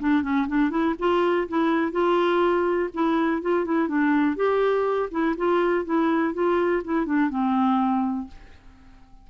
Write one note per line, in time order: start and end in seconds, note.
0.00 0.23 D4
0.23 0.47 C#4
0.48 0.70 D4
0.70 0.95 E4
0.99 1.48 F4
1.49 1.92 E4
1.92 2.90 F4
2.94 3.42 E4
3.42 3.65 F4
3.65 3.88 E4
3.88 4.36 D4
4.36 5.10 G4
5.12 5.36 E4
5.37 5.85 F4
5.85 6.34 E4
6.34 6.83 F4
6.84 7.06 E4
7.06 7.30 D4
7.30 8.28 C4